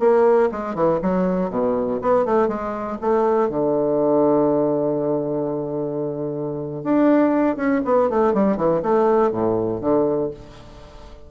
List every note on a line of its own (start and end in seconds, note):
0.00 0.50 A#3
0.52 0.75 G#3
0.75 1.00 E3
1.02 1.50 F#3
1.50 2.00 B2
2.02 2.26 B3
2.26 2.48 A3
2.48 2.98 G#3
3.01 3.50 A3
3.50 6.84 D3
6.84 7.57 D4
7.57 7.82 C#4
7.85 8.10 B3
8.10 8.34 A3
8.34 8.57 G3
8.57 8.82 E3
8.83 9.32 A3
9.32 9.81 A2
9.81 10.30 D3